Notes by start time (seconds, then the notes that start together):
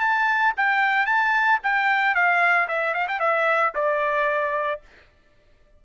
0.00 A5
0.56 G5
1.06 A5
1.63 G5
2.15 F5
2.68 E5
2.94 F5
3.08 G5
3.19 E5
3.75 D5